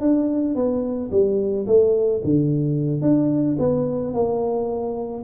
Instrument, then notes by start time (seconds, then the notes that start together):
tuba
0.00 D4
0.55 B3
1.11 G3
1.67 A3
2.24 D3
3.01 D4
3.58 B3
4.13 A#3